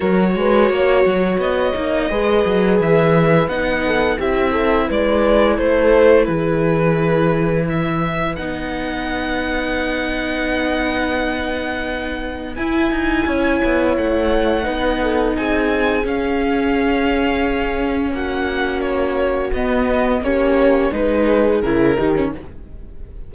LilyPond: <<
  \new Staff \with { instrumentName = "violin" } { \time 4/4 \tempo 4 = 86 cis''2 dis''2 | e''4 fis''4 e''4 d''4 | c''4 b'2 e''4 | fis''1~ |
fis''2 gis''2 | fis''2 gis''4 f''4~ | f''2 fis''4 cis''4 | dis''4 cis''4 b'4 ais'4 | }
  \new Staff \with { instrumentName = "horn" } { \time 4/4 ais'8 b'8 cis''2 b'4~ | b'4. a'8 g'8 a'8 b'4 | a'4 gis'2 b'4~ | b'1~ |
b'2. cis''4~ | cis''4 b'8 a'8 gis'2~ | gis'2 fis'2~ | fis'4 g'4 gis'4. g'8 | }
  \new Staff \with { instrumentName = "viola" } { \time 4/4 fis'2~ fis'8 dis'8 gis'4~ | gis'4 dis'4 e'2~ | e'1 | dis'1~ |
dis'2 e'2~ | e'4 dis'2 cis'4~ | cis'1 | b4 cis'4 dis'4 e'8 dis'16 cis'16 | }
  \new Staff \with { instrumentName = "cello" } { \time 4/4 fis8 gis8 ais8 fis8 b8 ais8 gis8 fis8 | e4 b4 c'4 gis4 | a4 e2. | b1~ |
b2 e'8 dis'8 cis'8 b8 | a4 b4 c'4 cis'4~ | cis'2 ais2 | b4 ais4 gis4 cis8 dis8 | }
>>